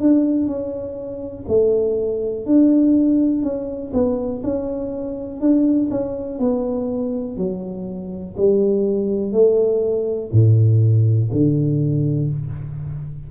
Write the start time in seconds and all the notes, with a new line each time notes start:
0.00 D4
0.46 C#4
1.48 A3
2.45 D4
3.42 C#4
3.93 B3
4.43 C#4
5.40 D4
5.90 C#4
6.39 B3
7.37 F#3
8.37 G3
9.32 A3
10.32 A2
11.31 D3